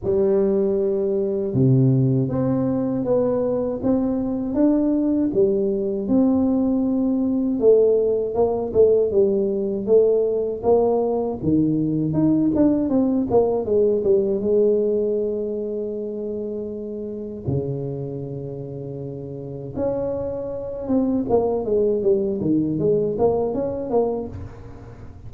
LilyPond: \new Staff \with { instrumentName = "tuba" } { \time 4/4 \tempo 4 = 79 g2 c4 c'4 | b4 c'4 d'4 g4 | c'2 a4 ais8 a8 | g4 a4 ais4 dis4 |
dis'8 d'8 c'8 ais8 gis8 g8 gis4~ | gis2. cis4~ | cis2 cis'4. c'8 | ais8 gis8 g8 dis8 gis8 ais8 cis'8 ais8 | }